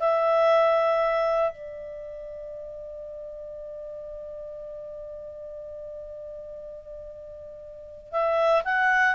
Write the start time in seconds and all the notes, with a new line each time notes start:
0.00 E5
1.52 D5
8.12 E5
8.65 F#5